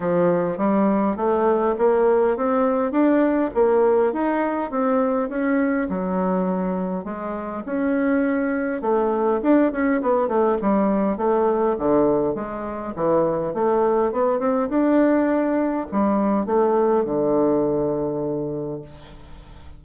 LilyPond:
\new Staff \with { instrumentName = "bassoon" } { \time 4/4 \tempo 4 = 102 f4 g4 a4 ais4 | c'4 d'4 ais4 dis'4 | c'4 cis'4 fis2 | gis4 cis'2 a4 |
d'8 cis'8 b8 a8 g4 a4 | d4 gis4 e4 a4 | b8 c'8 d'2 g4 | a4 d2. | }